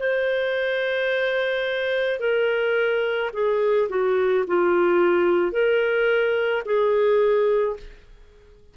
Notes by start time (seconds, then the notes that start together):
0.00 C5
2.20 A#4
3.33 G#4
3.90 F#4
4.47 F4
5.52 A#4
6.66 G#4